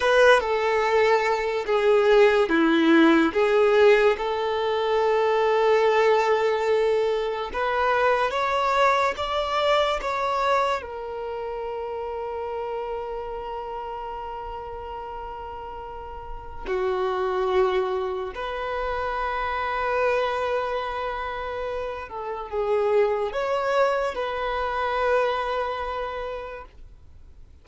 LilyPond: \new Staff \with { instrumentName = "violin" } { \time 4/4 \tempo 4 = 72 b'8 a'4. gis'4 e'4 | gis'4 a'2.~ | a'4 b'4 cis''4 d''4 | cis''4 ais'2.~ |
ais'1 | fis'2 b'2~ | b'2~ b'8 a'8 gis'4 | cis''4 b'2. | }